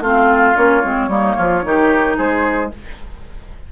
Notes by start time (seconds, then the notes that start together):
0.00 A3 C4 F4 F5
0.55 A#3 C#4 C#5
0.84 G#3 C4
1.08 G3 A#3 D#4
1.36 F3 F4
1.62 D#3 D#4 G4
2.17 G#3 G#4 C5